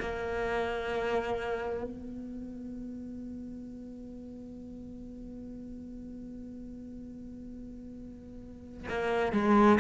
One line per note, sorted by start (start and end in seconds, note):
0.00 1.84 A#3
1.84 8.87 B3
8.89 9.33 A#3
9.33 9.80 G#3